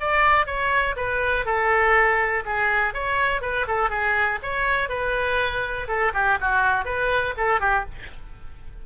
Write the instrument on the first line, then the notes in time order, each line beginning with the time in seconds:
oboe
0.00 D5
0.46 C#5
0.96 B4
1.45 A4
2.45 G#4
2.94 C#5
3.41 B4
3.67 A4
3.90 G#4
4.42 C#5
4.89 B4
5.87 A4
6.13 G4
6.40 F#4
6.85 B4
7.37 A4
7.60 G4